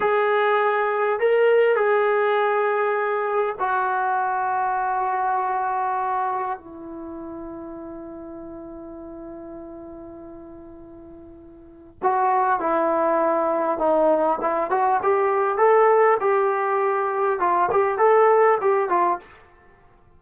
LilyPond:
\new Staff \with { instrumentName = "trombone" } { \time 4/4 \tempo 4 = 100 gis'2 ais'4 gis'4~ | gis'2 fis'2~ | fis'2. e'4~ | e'1~ |
e'1 | fis'4 e'2 dis'4 | e'8 fis'8 g'4 a'4 g'4~ | g'4 f'8 g'8 a'4 g'8 f'8 | }